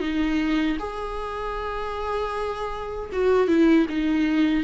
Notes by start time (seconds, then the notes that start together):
0.00 D#4
0.79 G#4
3.12 F#4
3.48 E4
3.89 D#4